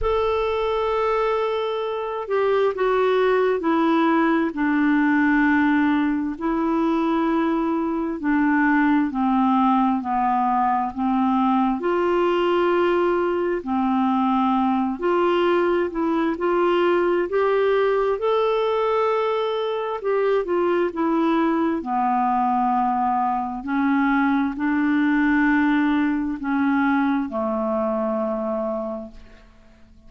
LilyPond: \new Staff \with { instrumentName = "clarinet" } { \time 4/4 \tempo 4 = 66 a'2~ a'8 g'8 fis'4 | e'4 d'2 e'4~ | e'4 d'4 c'4 b4 | c'4 f'2 c'4~ |
c'8 f'4 e'8 f'4 g'4 | a'2 g'8 f'8 e'4 | b2 cis'4 d'4~ | d'4 cis'4 a2 | }